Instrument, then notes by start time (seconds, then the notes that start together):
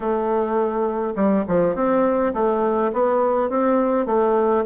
bassoon
0.00 A3
1.15 G3
1.47 F3
1.75 C4
2.33 A3
2.93 B3
3.50 C4
4.06 A3